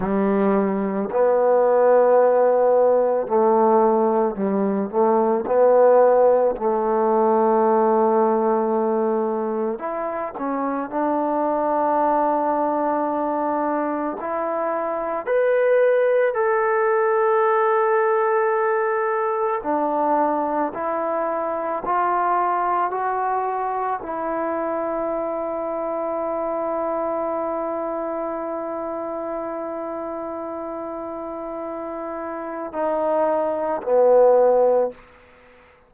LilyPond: \new Staff \with { instrumentName = "trombone" } { \time 4/4 \tempo 4 = 55 g4 b2 a4 | g8 a8 b4 a2~ | a4 e'8 cis'8 d'2~ | d'4 e'4 b'4 a'4~ |
a'2 d'4 e'4 | f'4 fis'4 e'2~ | e'1~ | e'2 dis'4 b4 | }